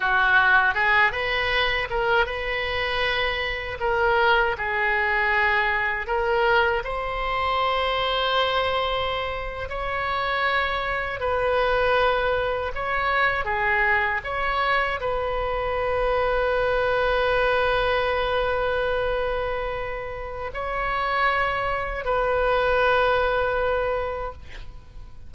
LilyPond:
\new Staff \with { instrumentName = "oboe" } { \time 4/4 \tempo 4 = 79 fis'4 gis'8 b'4 ais'8 b'4~ | b'4 ais'4 gis'2 | ais'4 c''2.~ | c''8. cis''2 b'4~ b'16~ |
b'8. cis''4 gis'4 cis''4 b'16~ | b'1~ | b'2. cis''4~ | cis''4 b'2. | }